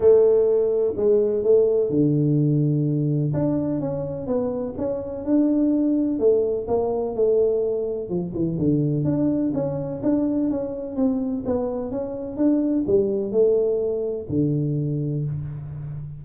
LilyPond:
\new Staff \with { instrumentName = "tuba" } { \time 4/4 \tempo 4 = 126 a2 gis4 a4 | d2. d'4 | cis'4 b4 cis'4 d'4~ | d'4 a4 ais4 a4~ |
a4 f8 e8 d4 d'4 | cis'4 d'4 cis'4 c'4 | b4 cis'4 d'4 g4 | a2 d2 | }